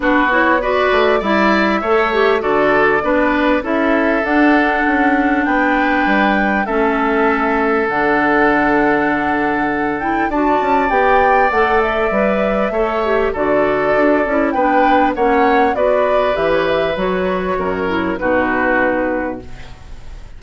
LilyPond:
<<
  \new Staff \with { instrumentName = "flute" } { \time 4/4 \tempo 4 = 99 b'8 cis''8 d''4 e''2 | d''2 e''4 fis''4~ | fis''4 g''2 e''4~ | e''4 fis''2.~ |
fis''8 g''8 a''4 g''4 fis''8 e''8~ | e''2 d''2 | g''4 fis''4 d''4 e''16 cis''16 e''8 | cis''2 b'2 | }
  \new Staff \with { instrumentName = "oboe" } { \time 4/4 fis'4 b'4 d''4 cis''4 | a'4 b'4 a'2~ | a'4 b'2 a'4~ | a'1~ |
a'4 d''2.~ | d''4 cis''4 a'2 | b'4 cis''4 b'2~ | b'4 ais'4 fis'2 | }
  \new Staff \with { instrumentName = "clarinet" } { \time 4/4 d'8 e'8 fis'4 e'4 a'8 g'8 | fis'4 d'4 e'4 d'4~ | d'2. cis'4~ | cis'4 d'2.~ |
d'8 e'8 fis'4 g'4 a'4 | b'4 a'8 g'8 fis'4. e'8 | d'4 cis'4 fis'4 g'4 | fis'4. e'8 dis'2 | }
  \new Staff \with { instrumentName = "bassoon" } { \time 4/4 b4. a8 g4 a4 | d4 b4 cis'4 d'4 | cis'4 b4 g4 a4~ | a4 d2.~ |
d4 d'8 cis'8 b4 a4 | g4 a4 d4 d'8 cis'8 | b4 ais4 b4 e4 | fis4 fis,4 b,2 | }
>>